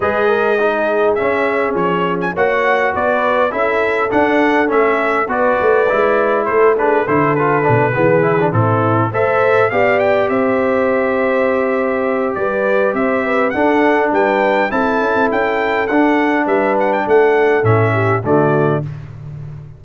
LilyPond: <<
  \new Staff \with { instrumentName = "trumpet" } { \time 4/4 \tempo 4 = 102 dis''2 e''4 cis''8. gis''16 | fis''4 d''4 e''4 fis''4 | e''4 d''2 c''8 b'8 | c''8 b'2 a'4 e''8~ |
e''8 f''8 g''8 e''2~ e''8~ | e''4 d''4 e''4 fis''4 | g''4 a''4 g''4 fis''4 | e''8 fis''16 g''16 fis''4 e''4 d''4 | }
  \new Staff \with { instrumentName = "horn" } { \time 4/4 b'8 ais'8 gis'2. | cis''4 b'4 a'2~ | a'4 b'2 a'8 gis'8 | a'4. gis'4 e'4 c''8~ |
c''8 d''4 c''2~ c''8~ | c''4 b'4 c''8 b'8 a'4 | b'4 a'2. | b'4 a'4. g'8 fis'4 | }
  \new Staff \with { instrumentName = "trombone" } { \time 4/4 gis'4 dis'4 cis'2 | fis'2 e'4 d'4 | cis'4 fis'4 e'4. d'8 | e'8 f'8 d'8 b8 e'16 d'16 c'4 a'8~ |
a'8 g'2.~ g'8~ | g'2. d'4~ | d'4 e'2 d'4~ | d'2 cis'4 a4 | }
  \new Staff \with { instrumentName = "tuba" } { \time 4/4 gis2 cis'4 f4 | ais4 b4 cis'4 d'4 | a4 b8 a8 gis4 a4 | d4 b,8 e4 a,4 a8~ |
a8 b4 c'2~ c'8~ | c'4 g4 c'4 d'4 | g4 c'8 cis'16 c'16 cis'4 d'4 | g4 a4 a,4 d4 | }
>>